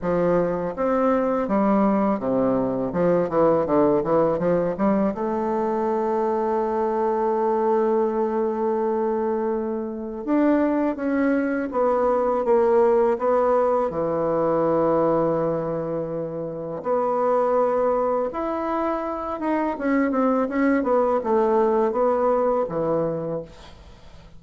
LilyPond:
\new Staff \with { instrumentName = "bassoon" } { \time 4/4 \tempo 4 = 82 f4 c'4 g4 c4 | f8 e8 d8 e8 f8 g8 a4~ | a1~ | a2 d'4 cis'4 |
b4 ais4 b4 e4~ | e2. b4~ | b4 e'4. dis'8 cis'8 c'8 | cis'8 b8 a4 b4 e4 | }